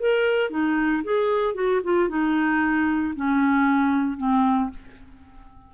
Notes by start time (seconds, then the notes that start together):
0.00 A#4
0.50 D#4
1.04 G#4
1.55 F#4
1.84 F4
2.09 D#4
3.16 C#4
4.18 C4